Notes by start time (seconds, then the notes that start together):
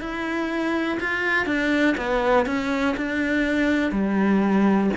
0.00 E4
1.00 F4
1.46 D4
1.97 B3
2.45 C#4
2.97 D4
3.91 G3